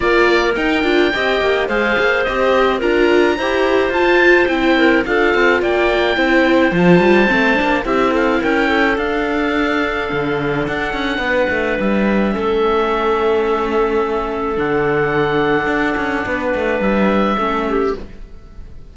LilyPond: <<
  \new Staff \with { instrumentName = "oboe" } { \time 4/4 \tempo 4 = 107 d''4 g''2 f''4 | dis''4 ais''2 a''4 | g''4 f''4 g''2 | a''2 e''8 f''8 g''4 |
f''2. fis''4~ | fis''4 e''2.~ | e''2 fis''2~ | fis''2 e''2 | }
  \new Staff \with { instrumentName = "clarinet" } { \time 4/4 ais'2 dis''4 c''4~ | c''4 ais'4 c''2~ | c''8 ais'8 a'4 d''4 c''4~ | c''2 g'8 a'8 ais'8 a'8~ |
a'1 | b'2 a'2~ | a'1~ | a'4 b'2 a'8 g'8 | }
  \new Staff \with { instrumentName = "viola" } { \time 4/4 f'4 dis'8 f'8 g'4 gis'4 | g'4 f'4 g'4 f'4 | e'4 f'2 e'4 | f'4 c'8 d'8 e'2 |
d'1~ | d'2 cis'2~ | cis'2 d'2~ | d'2. cis'4 | }
  \new Staff \with { instrumentName = "cello" } { \time 4/4 ais4 dis'8 d'8 c'8 ais8 gis8 ais8 | c'4 d'4 e'4 f'4 | c'4 d'8 c'8 ais4 c'4 | f8 g8 a8 ais8 c'4 cis'4 |
d'2 d4 d'8 cis'8 | b8 a8 g4 a2~ | a2 d2 | d'8 cis'8 b8 a8 g4 a4 | }
>>